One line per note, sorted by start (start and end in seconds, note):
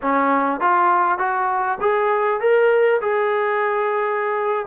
0.02 0.60 C#4
0.60 1.18 F4
1.18 1.78 F#4
1.80 2.40 G#4
2.40 3.00 A#4
3.01 4.66 G#4